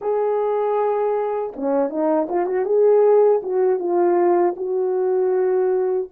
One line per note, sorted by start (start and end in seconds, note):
0.01 1.53 G#4
1.56 1.90 C#4
1.90 2.28 D#4
2.29 2.46 F4
2.46 2.65 F#4
2.65 3.41 G#4
3.42 3.79 F#4
3.79 4.55 F4
4.56 6.08 F#4